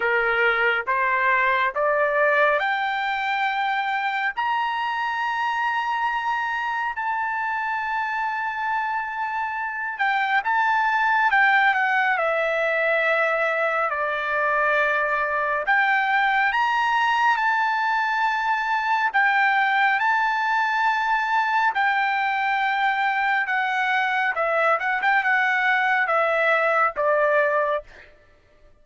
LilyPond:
\new Staff \with { instrumentName = "trumpet" } { \time 4/4 \tempo 4 = 69 ais'4 c''4 d''4 g''4~ | g''4 ais''2. | a''2.~ a''8 g''8 | a''4 g''8 fis''8 e''2 |
d''2 g''4 ais''4 | a''2 g''4 a''4~ | a''4 g''2 fis''4 | e''8 fis''16 g''16 fis''4 e''4 d''4 | }